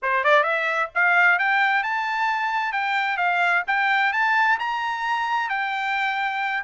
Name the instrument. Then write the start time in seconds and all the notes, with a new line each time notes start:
trumpet
0.02 C5
0.24 D5
0.43 E5
0.94 F5
1.38 G5
1.83 A5
2.72 G5
3.17 F5
3.67 G5
4.12 A5
4.59 A#5
5.49 G5